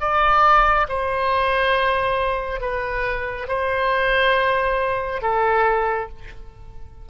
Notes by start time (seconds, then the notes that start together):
0.00 D5
0.89 C5
2.60 B4
3.48 C5
5.22 A4